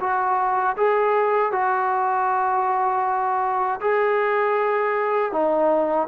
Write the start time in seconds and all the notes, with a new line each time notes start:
0.00 F#4
0.77 G#4
1.52 F#4
3.81 G#4
5.32 D#4